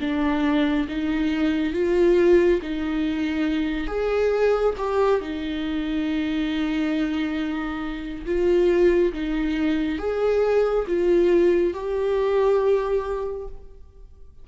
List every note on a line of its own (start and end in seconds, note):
0.00 0.87 D4
0.88 1.73 D#4
1.73 2.60 F4
2.62 3.87 D#4
3.87 4.74 G#4
4.77 5.21 G4
5.21 8.25 D#4
8.25 9.12 F4
9.13 9.98 D#4
9.98 10.85 G#4
10.87 11.73 F4
11.73 13.47 G4